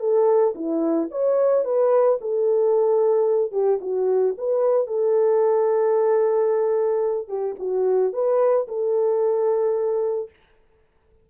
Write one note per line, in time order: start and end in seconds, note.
0.00 0.54 A4
0.55 1.09 E4
1.11 1.65 C#5
1.65 2.19 B4
2.21 3.52 A4
3.52 3.79 G4
3.81 4.35 F#4
4.38 4.87 B4
4.87 7.28 A4
7.28 7.55 G4
7.59 8.13 F#4
8.13 8.67 B4
8.68 10.30 A4